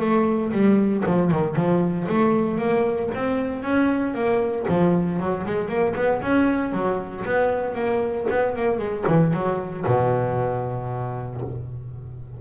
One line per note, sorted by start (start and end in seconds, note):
0.00 0.52 A3
0.52 1.04 G3
1.06 1.31 F3
1.31 1.56 D#3
1.56 2.07 F3
2.09 2.58 A3
2.58 3.10 A#3
3.15 3.63 C4
3.63 4.14 C#4
4.14 4.66 A#3
4.68 5.20 F3
5.20 5.45 F#3
5.46 5.68 G#3
5.68 5.94 A#3
5.95 6.21 B3
6.22 6.72 C#4
6.72 7.24 F#3
7.25 7.75 B3
7.75 8.26 A#3
8.30 8.56 B3
8.56 8.79 A#3
8.79 9.04 G#3
9.08 9.33 E3
9.33 9.85 F#3
9.86 11.41 B2